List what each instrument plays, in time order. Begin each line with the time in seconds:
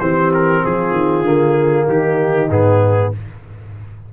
0.00 tuba E3, trombone C4, horn G4, trumpet C5
0.34 trumpet A#4
0.63 tuba F3, horn F4, trumpet G#4
0.91 tuba D#3
1.22 tuba D3, trombone A#3
1.86 tuba D#3, horn D#4, trumpet G4
2.49 tuba G#2, trombone B3, trumpet G#4